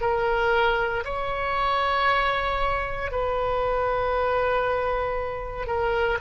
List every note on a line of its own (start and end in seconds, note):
0.00 1.03 A#4
1.04 3.11 C#5
3.11 5.66 B4
5.66 6.18 A#4